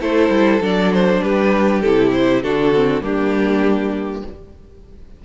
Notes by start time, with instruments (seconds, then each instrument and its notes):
0.00 cello A3, viola E4, violin A4 C5
0.29 cello G3
0.60 cello F#3, viola D4, violin D5
0.93 violin C5
1.22 cello G3, violin G4 B4
1.81 cello C3, viola E4, violin A4
2.12 violin C5
2.42 cello D3, viola D4, violin F#4 A4
2.75 viola C4
3.01 cello G3, viola A#3, violin D4 G4